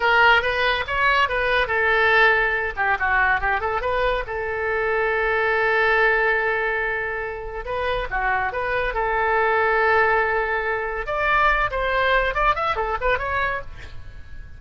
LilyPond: \new Staff \with { instrumentName = "oboe" } { \time 4/4 \tempo 4 = 141 ais'4 b'4 cis''4 b'4 | a'2~ a'8 g'8 fis'4 | g'8 a'8 b'4 a'2~ | a'1~ |
a'2 b'4 fis'4 | b'4 a'2.~ | a'2 d''4. c''8~ | c''4 d''8 e''8 a'8 b'8 cis''4 | }